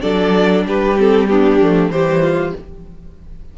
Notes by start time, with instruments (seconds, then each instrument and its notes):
0.00 cello F#3, viola D4, violin A4 D5
0.65 cello G3, violin G4 B4
0.98 viola C4, violin A4
1.27 viola B3, violin D4 G4
1.61 cello F3, viola A3
1.89 cello E3, viola G3, violin G4 C5
2.22 violin F4